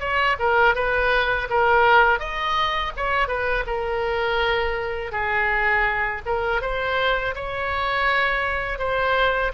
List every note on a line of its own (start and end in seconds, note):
0.00 0.37 C#5
0.40 0.75 A#4
0.75 1.48 B4
1.50 2.20 A#4
2.20 2.93 D#5
2.97 3.28 C#5
3.28 3.65 B4
3.67 5.12 A#4
5.12 6.22 G#4
6.26 6.62 A#4
6.62 7.35 C5
7.35 8.79 C#5
8.79 9.52 C5